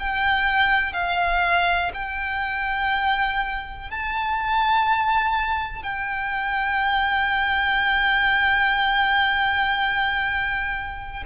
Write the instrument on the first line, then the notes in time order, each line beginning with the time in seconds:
violin
0.00 G5
0.93 F5
1.94 G5
3.91 A5
5.83 G5